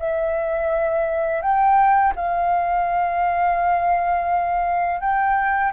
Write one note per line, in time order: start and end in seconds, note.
0.00 1.42 E5
1.42 2.14 G5
2.16 5.01 F5
5.01 5.72 G5